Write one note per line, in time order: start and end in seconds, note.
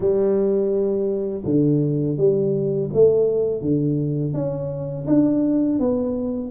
0.00 1.43 G3
1.45 2.17 D3
2.17 2.89 G3
2.93 3.61 A3
3.61 4.33 D3
4.33 5.05 C#4
5.06 5.79 D4
5.79 6.51 B3